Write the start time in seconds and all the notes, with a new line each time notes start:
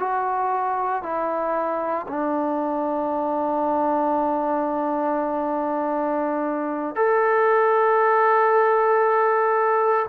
0.00 F#4
1.03 E4
2.08 D4
6.96 A4